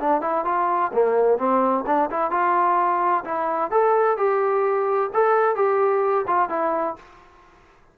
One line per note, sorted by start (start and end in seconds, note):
0.00 0.21 D4
0.21 0.44 E4
0.45 0.91 F4
0.93 1.38 A#3
1.38 1.84 C4
1.86 2.10 D4
2.10 2.31 E4
2.31 3.24 F4
3.25 3.71 E4
3.71 4.17 A4
4.17 5.10 G4
5.13 5.56 A4
5.56 6.25 G4
6.27 6.49 F4
6.49 6.96 E4